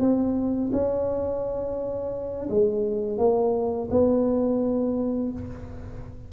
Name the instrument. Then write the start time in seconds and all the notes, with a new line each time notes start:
tuba
0.00 C4
0.73 C#4
2.50 G#3
3.18 A#3
3.91 B3